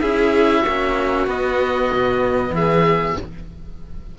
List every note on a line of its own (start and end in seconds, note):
0.00 0.64 C#4
0.00 0.64 E4
0.00 0.61 G#4
0.00 1.26 E5
0.61 1.26 A#3
0.61 2.51 F#4
0.68 1.27 C#4
1.26 1.89 B3
1.26 3.17 B3
1.26 2.55 D#5
1.92 2.50 B2
2.50 3.13 E3
2.50 3.18 G#4
2.50 3.18 E5